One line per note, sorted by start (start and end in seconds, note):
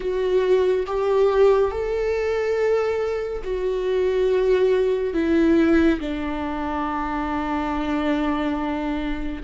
0.00 0.86 F#4
0.86 1.71 G4
1.71 3.42 A4
3.44 5.14 F#4
5.14 5.99 E4
6.00 9.42 D4